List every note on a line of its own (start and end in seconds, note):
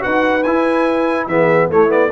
0.00 0.46 D#4
0.00 0.42 F#4
0.00 1.28 B4
0.00 0.43 F#5
0.43 1.27 E4
0.43 1.29 E4
0.43 1.27 G#5
1.27 1.69 E3
1.27 1.71 B3
1.27 1.69 G#4
1.27 1.69 E5
1.69 2.11 A3
1.69 1.88 A3
1.69 2.11 E4
1.69 1.91 C#5
1.88 2.09 B3
1.88 2.11 D5